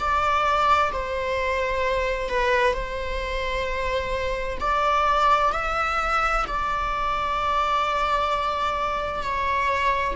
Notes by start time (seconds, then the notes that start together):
0.00 D5
0.92 C5
2.30 B4
2.74 C5
4.61 D5
5.53 E5
6.48 D5
9.23 C#5